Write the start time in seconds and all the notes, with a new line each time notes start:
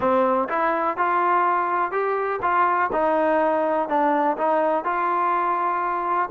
0.00 C4
0.48 E4
0.97 F4
1.91 G4
2.42 F4
2.92 D#4
3.88 D4
4.37 D#4
4.84 F4